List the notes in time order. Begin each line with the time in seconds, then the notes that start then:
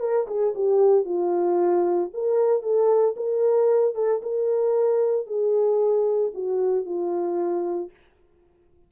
0.00 A#4
0.27 G#4
0.55 G4
1.05 F4
2.13 A#4
2.62 A4
3.17 A#4
3.95 A4
4.22 A#4
5.26 G#4
6.34 F#4
6.85 F4